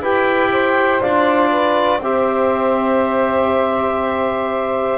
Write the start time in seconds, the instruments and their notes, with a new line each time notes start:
0.00 double bass E4, trombone G4, saxophone B4, clarinet G5
0.51 saxophone C5
1.01 double bass D4, trombone F4, clarinet D5
1.50 saxophone B4
1.98 double bass C4, trombone G4, saxophone C5, clarinet E5